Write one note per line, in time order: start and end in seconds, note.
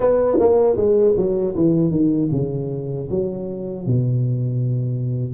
0.00 0.38 B3
0.39 0.76 A#3
0.76 1.15 G#3
1.16 1.55 F#3
1.55 1.90 E3
1.90 2.29 D#3
2.31 3.08 C#3
3.10 3.86 F#3
3.86 5.34 B2